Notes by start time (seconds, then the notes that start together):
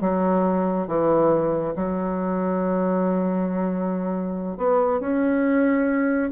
0.00 F#3
0.87 E3
1.75 F#3
4.57 B3
5.00 C#4